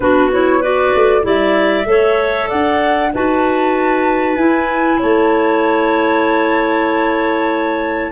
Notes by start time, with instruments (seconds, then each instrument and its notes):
0.00 tuba B3, clarinet D4 F#4, flute B4
0.31 clarinet E4, flute C#5
0.59 clarinet F#4 B4, flute D5
0.94 tuba A3
1.22 tuba G3, clarinet E4 D5, flute E5
1.84 tuba A3, clarinet A4 C#5
2.48 tuba D4, clarinet D5, flute F#5
3.13 tuba D#4, clarinet F#4 B4, flute A5
4.36 tuba E4, clarinet E4, flute G#5
4.99 tuba A3, clarinet C#5, flute A5